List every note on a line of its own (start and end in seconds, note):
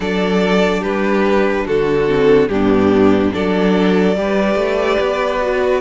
0.00 0.83 F#3
0.00 2.06 D4
0.00 0.81 A4
0.00 0.83 D5
0.81 1.66 G3
0.81 1.64 G4
0.81 1.66 B4
1.65 2.49 D3
1.65 2.49 F#4
1.65 2.48 A4
2.07 2.48 C4
2.48 3.32 G2
2.48 3.31 B3
2.48 3.33 D4
2.48 3.32 G4
3.31 4.17 F#3
3.31 4.15 D4
3.31 4.17 A4
3.31 5.81 D5
4.15 4.55 G3
4.15 5.40 G4
4.15 5.81 B4
4.55 4.97 A3
4.99 5.81 B3
5.41 5.81 F#4